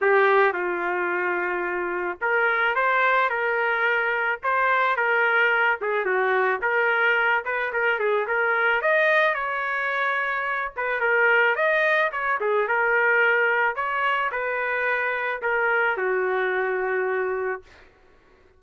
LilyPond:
\new Staff \with { instrumentName = "trumpet" } { \time 4/4 \tempo 4 = 109 g'4 f'2. | ais'4 c''4 ais'2 | c''4 ais'4. gis'8 fis'4 | ais'4. b'8 ais'8 gis'8 ais'4 |
dis''4 cis''2~ cis''8 b'8 | ais'4 dis''4 cis''8 gis'8 ais'4~ | ais'4 cis''4 b'2 | ais'4 fis'2. | }